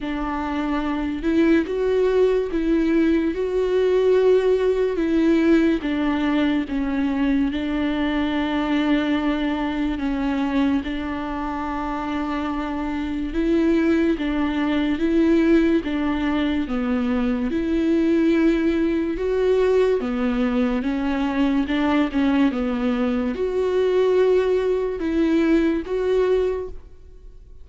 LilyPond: \new Staff \with { instrumentName = "viola" } { \time 4/4 \tempo 4 = 72 d'4. e'8 fis'4 e'4 | fis'2 e'4 d'4 | cis'4 d'2. | cis'4 d'2. |
e'4 d'4 e'4 d'4 | b4 e'2 fis'4 | b4 cis'4 d'8 cis'8 b4 | fis'2 e'4 fis'4 | }